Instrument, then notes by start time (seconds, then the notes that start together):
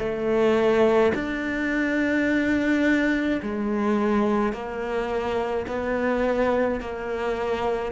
cello
0.00 A3
1.15 D4
3.43 G#3
4.53 A#3
5.68 B3
6.81 A#3